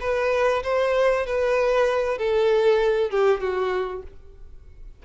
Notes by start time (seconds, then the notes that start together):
0.00 B4
0.63 C5
1.26 B4
2.18 A4
3.10 G4
3.40 F#4